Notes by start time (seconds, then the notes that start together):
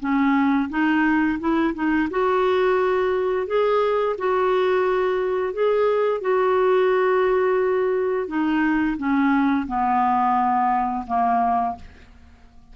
0.00 C#4
0.70 D#4
1.39 E4
1.74 D#4
2.10 F#4
3.47 G#4
4.18 F#4
5.53 G#4
6.21 F#4
8.28 D#4
8.97 C#4
9.67 B3
11.07 A#3